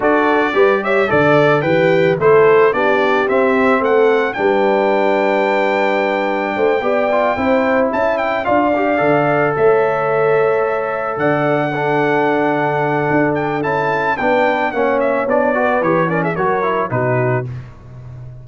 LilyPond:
<<
  \new Staff \with { instrumentName = "trumpet" } { \time 4/4 \tempo 4 = 110 d''4. e''8 d''4 g''4 | c''4 d''4 e''4 fis''4 | g''1~ | g''2~ g''8 a''8 g''8 f''8~ |
f''4. e''2~ e''8~ | e''8 fis''2.~ fis''8~ | fis''8 g''8 a''4 g''4 fis''8 e''8 | d''4 cis''8 d''16 e''16 cis''4 b'4 | }
  \new Staff \with { instrumentName = "horn" } { \time 4/4 a'4 b'8 cis''8 d''4 g'4 | a'4 g'2 a'4 | b'1 | c''8 d''4 c''4 e''4 d''8~ |
d''4. cis''2~ cis''8~ | cis''8 d''4 a'2~ a'8~ | a'2 b'4 cis''4~ | cis''8 b'4 ais'16 gis'16 ais'4 fis'4 | }
  \new Staff \with { instrumentName = "trombone" } { \time 4/4 fis'4 g'4 a'4 b'4 | e'4 d'4 c'2 | d'1~ | d'8 g'8 f'8 e'2 f'8 |
g'8 a'2.~ a'8~ | a'4. d'2~ d'8~ | d'4 e'4 d'4 cis'4 | d'8 fis'8 g'8 cis'8 fis'8 e'8 dis'4 | }
  \new Staff \with { instrumentName = "tuba" } { \time 4/4 d'4 g4 d4 e4 | a4 b4 c'4 a4 | g1 | a8 b4 c'4 cis'4 d'8~ |
d'8 d4 a2~ a8~ | a8 d2.~ d8 | d'4 cis'4 b4 ais4 | b4 e4 fis4 b,4 | }
>>